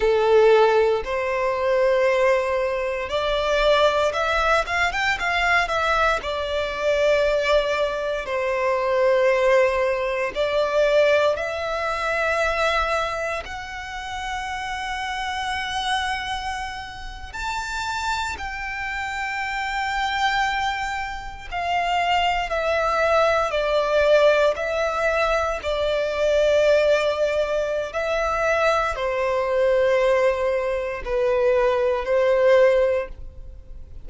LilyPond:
\new Staff \with { instrumentName = "violin" } { \time 4/4 \tempo 4 = 58 a'4 c''2 d''4 | e''8 f''16 g''16 f''8 e''8 d''2 | c''2 d''4 e''4~ | e''4 fis''2.~ |
fis''8. a''4 g''2~ g''16~ | g''8. f''4 e''4 d''4 e''16~ | e''8. d''2~ d''16 e''4 | c''2 b'4 c''4 | }